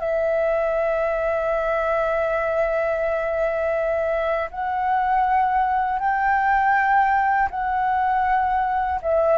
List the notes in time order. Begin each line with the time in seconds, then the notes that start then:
0.00 E5
4.51 F#5
6.00 G5
7.51 F#5
9.02 E5